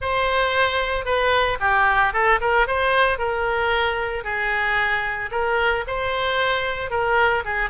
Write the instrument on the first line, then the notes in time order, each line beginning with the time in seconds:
oboe
0.01 C5
1.05 B4
1.60 G4
2.13 A4
2.40 A#4
2.67 C5
3.18 A#4
4.24 G#4
5.31 A#4
5.87 C5
6.90 A#4
7.45 G#4